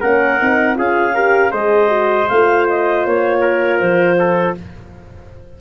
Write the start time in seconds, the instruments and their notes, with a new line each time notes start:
0.00 tuba A#3, horn C#4, trumpet A#4, clarinet F#5
0.39 tuba C4, horn D#4
0.74 tuba C#4, horn F4, trumpet G#4, clarinet F5
1.14 horn G4, trumpet A#4
1.51 tuba G#3, horn G#4, trumpet C5, clarinet D#5
1.88 horn F#4
2.28 tuba A3, horn F4, clarinet F5
2.69 clarinet D#5
3.05 tuba A#3, clarinet C#5
3.41 trumpet A#4
3.78 tuba F3, clarinet C5
4.18 trumpet A4